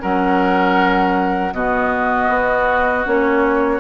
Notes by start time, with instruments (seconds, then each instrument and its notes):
0.00 bassoon F#3, clarinet C#4, oboe A#4, flute F#5
1.54 bassoon B2, clarinet B3, oboe F#4, flute D#5
2.29 bassoon B3
3.06 bassoon A#3, clarinet C#4, flute C#5